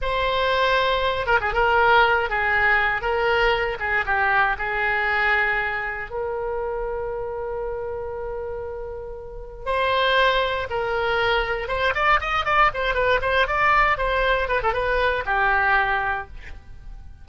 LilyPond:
\new Staff \with { instrumentName = "oboe" } { \time 4/4 \tempo 4 = 118 c''2~ c''8 ais'16 gis'16 ais'4~ | ais'8 gis'4. ais'4. gis'8 | g'4 gis'2. | ais'1~ |
ais'2. c''4~ | c''4 ais'2 c''8 d''8 | dis''8 d''8 c''8 b'8 c''8 d''4 c''8~ | c''8 b'16 a'16 b'4 g'2 | }